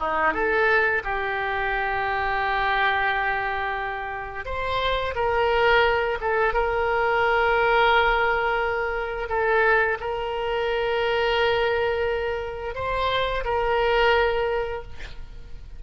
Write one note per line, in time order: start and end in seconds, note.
0.00 0.34 D#4
0.34 1.03 A4
1.04 4.45 G4
4.45 5.14 C5
5.15 6.19 A#4
6.21 6.54 A4
6.54 9.29 A#4
9.29 9.98 A4
10.00 12.75 A#4
12.75 13.44 C5
13.45 14.83 A#4